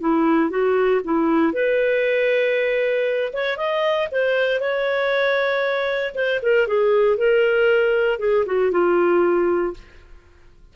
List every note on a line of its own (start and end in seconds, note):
0.00 0.49 E4
0.49 1.01 F#4
1.04 1.53 E4
1.53 3.32 B4
3.33 3.57 C#5
3.57 4.08 D#5
4.11 4.60 C5
4.60 6.14 C#5
6.14 6.40 C5
6.42 6.67 A#4
6.67 7.17 G#4
7.17 8.19 A#4
8.19 8.45 G#4
8.45 8.71 F#4
8.71 9.74 F4